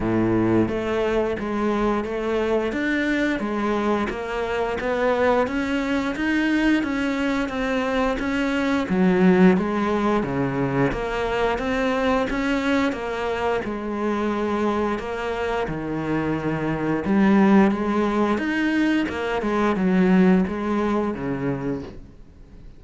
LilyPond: \new Staff \with { instrumentName = "cello" } { \time 4/4 \tempo 4 = 88 a,4 a4 gis4 a4 | d'4 gis4 ais4 b4 | cis'4 dis'4 cis'4 c'4 | cis'4 fis4 gis4 cis4 |
ais4 c'4 cis'4 ais4 | gis2 ais4 dis4~ | dis4 g4 gis4 dis'4 | ais8 gis8 fis4 gis4 cis4 | }